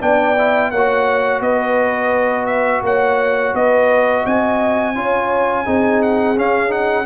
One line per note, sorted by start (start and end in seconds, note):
0.00 0.71 B3
0.00 0.35 D4
0.00 0.71 D5
0.00 0.71 G5
0.38 0.73 E4
0.71 1.40 A#3
0.71 1.42 C#5
0.71 1.41 F#5
0.77 4.95 F#4
1.40 2.81 B3
1.40 2.84 B4
1.40 2.46 D#5
2.46 2.81 E5
2.82 3.52 A#3
2.82 3.55 C#5
2.82 3.55 F#5
3.53 4.24 B3
3.53 4.23 B4
3.53 4.25 D#5
4.23 4.95 C4
4.23 4.93 D#5
4.23 6.02 G#5
4.95 5.66 C#4
4.95 5.65 F4
4.95 5.64 C#5
5.64 6.37 C4
5.64 6.35 D#4
5.64 7.05 G#4
6.02 6.37 F#5
6.35 6.68 C#4
6.35 7.05 C#4
6.35 6.71 F5
6.68 7.03 D#4
6.68 7.05 F#5